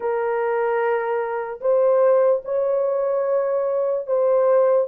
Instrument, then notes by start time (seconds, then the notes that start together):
horn
0.00 A#4
1.60 C5
2.45 C#5
4.06 C5